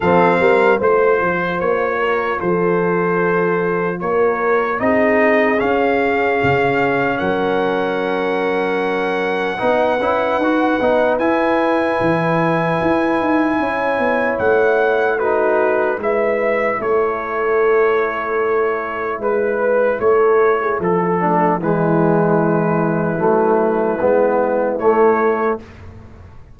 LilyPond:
<<
  \new Staff \with { instrumentName = "trumpet" } { \time 4/4 \tempo 4 = 75 f''4 c''4 cis''4 c''4~ | c''4 cis''4 dis''4 f''4~ | f''4 fis''2.~ | fis''2 gis''2~ |
gis''2 fis''4 b'4 | e''4 cis''2. | b'4 cis''4 a'4 b'4~ | b'2. cis''4 | }
  \new Staff \with { instrumentName = "horn" } { \time 4/4 a'8 ais'8 c''4. ais'8 a'4~ | a'4 ais'4 gis'2~ | gis'4 ais'2. | b'1~ |
b'4 cis''2 fis'4 | b'4 a'2. | b'4 a'8. gis'16 a'8 a8 e'4~ | e'1 | }
  \new Staff \with { instrumentName = "trombone" } { \time 4/4 c'4 f'2.~ | f'2 dis'4 cis'4~ | cis'1 | dis'8 e'8 fis'8 dis'8 e'2~ |
e'2. dis'4 | e'1~ | e'2~ e'8 d'8 gis4~ | gis4 a4 b4 a4 | }
  \new Staff \with { instrumentName = "tuba" } { \time 4/4 f8 g8 a8 f8 ais4 f4~ | f4 ais4 c'4 cis'4 | cis4 fis2. | b8 cis'8 dis'8 b8 e'4 e4 |
e'8 dis'8 cis'8 b8 a2 | gis4 a2. | gis4 a4 f4 e4~ | e4 fis4 gis4 a4 | }
>>